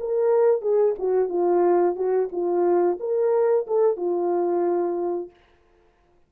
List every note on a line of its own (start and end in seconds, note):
0.00 0.62 A#4
0.62 0.95 G#4
0.99 1.29 F#4
1.29 1.96 F4
1.96 2.29 F#4
2.32 2.98 F4
3.00 3.66 A#4
3.67 3.97 A4
3.97 5.30 F4